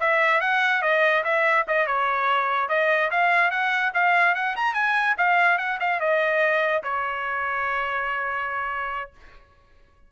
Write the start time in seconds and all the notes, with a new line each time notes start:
0.00 E5
0.41 F#5
0.82 D#5
1.24 E5
1.68 D#5
1.87 C#5
2.69 D#5
3.11 F5
3.51 F#5
3.94 F5
4.34 F#5
4.56 A#5
4.74 G#5
5.17 F5
5.58 F#5
5.80 F5
6.00 D#5
6.83 C#5